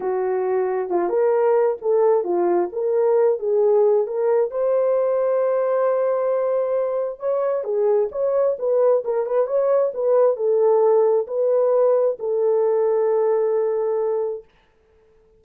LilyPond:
\new Staff \with { instrumentName = "horn" } { \time 4/4 \tempo 4 = 133 fis'2 f'8 ais'4. | a'4 f'4 ais'4. gis'8~ | gis'4 ais'4 c''2~ | c''1 |
cis''4 gis'4 cis''4 b'4 | ais'8 b'8 cis''4 b'4 a'4~ | a'4 b'2 a'4~ | a'1 | }